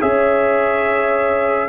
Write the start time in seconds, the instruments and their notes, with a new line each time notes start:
0.00 tuba C#4, trombone G#4, horn C#5, trumpet E5